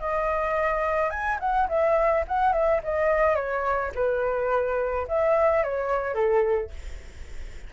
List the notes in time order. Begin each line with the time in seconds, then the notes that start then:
0.00 D#5
1.10 G#5
1.40 F#5
1.68 E5
2.28 F#5
2.53 E5
2.84 D#5
3.35 C#5
3.95 B4
5.08 E5
5.63 C#5
6.14 A4